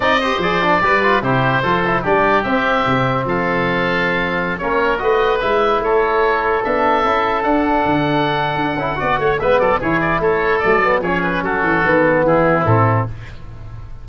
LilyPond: <<
  \new Staff \with { instrumentName = "oboe" } { \time 4/4 \tempo 4 = 147 dis''4 d''2 c''4~ | c''4 d''4 e''2 | f''2.~ f''16 cis''8.~ | cis''16 dis''4 e''4 cis''4.~ cis''16~ |
cis''16 e''2 fis''4.~ fis''16~ | fis''2. e''8 d''8 | cis''8 d''8 cis''4 d''4 cis''8 b'8 | a'2 gis'4 a'4 | }
  \new Staff \with { instrumentName = "oboe" } { \time 4/4 d''8 c''4. b'4 g'4 | a'4 g'2. | a'2.~ a'16 ais'8.~ | ais'16 b'2 a'4.~ a'16~ |
a'1~ | a'2 d''8 cis''8 b'8 a'8 | gis'4 a'2 gis'4 | fis'2 e'2 | }
  \new Staff \with { instrumentName = "trombone" } { \time 4/4 dis'8 g'8 gis'8 d'8 g'8 f'8 e'4 | f'8 e'8 d'4 c'2~ | c'2.~ c'16 cis'8.~ | cis'16 fis'4 e'2~ e'8.~ |
e'16 d'4 e'4 d'4.~ d'16~ | d'4. e'8 fis'4 b4 | e'2 a8 b8 cis'4~ | cis'4 b2 c'4 | }
  \new Staff \with { instrumentName = "tuba" } { \time 4/4 c'4 f4 g4 c4 | f4 g4 c'4 c4 | f2.~ f16 ais8.~ | ais16 a4 gis4 a4.~ a16~ |
a16 b4 cis'4 d'4 d8.~ | d4 d'8 cis'8 b8 a8 gis8 fis8 | e4 a4 fis4 f4 | fis8 e8 dis4 e4 a,4 | }
>>